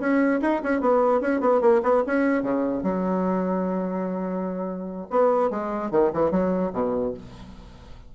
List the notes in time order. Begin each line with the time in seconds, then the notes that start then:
0.00 C#4
0.42 D#4
0.64 C#4
0.81 B3
1.21 C#4
1.41 B3
1.61 A#3
1.83 B3
2.07 C#4
2.43 C#3
2.83 F#3
5.11 B3
5.51 G#3
5.91 D#3
6.14 E3
6.31 F#3
6.73 B2